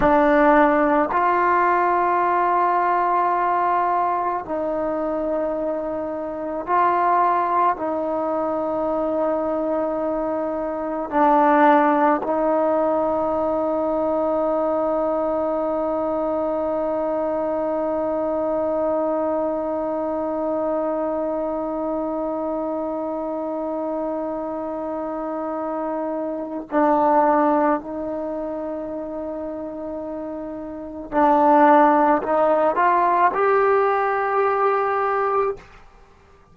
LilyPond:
\new Staff \with { instrumentName = "trombone" } { \time 4/4 \tempo 4 = 54 d'4 f'2. | dis'2 f'4 dis'4~ | dis'2 d'4 dis'4~ | dis'1~ |
dis'1~ | dis'1 | d'4 dis'2. | d'4 dis'8 f'8 g'2 | }